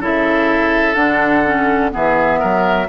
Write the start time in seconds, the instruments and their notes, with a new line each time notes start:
0.00 bassoon C#3, clarinet E4, oboe A4, flute E5
0.94 bassoon D3, clarinet D4, flute F#5
1.46 clarinet C#4
1.91 bassoon E3, clarinet B3, oboe G#4, flute E5
2.40 bassoon F#3, oboe A#4